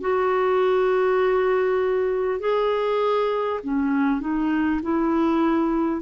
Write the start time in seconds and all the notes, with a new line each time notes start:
0.00 F#4
2.39 G#4
3.63 C#4
4.20 D#4
4.82 E4